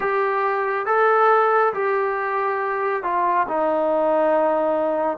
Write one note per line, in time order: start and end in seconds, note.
0.00 0.86 G4
0.86 1.73 A4
1.74 3.03 G4
3.03 3.46 F4
3.47 5.17 D#4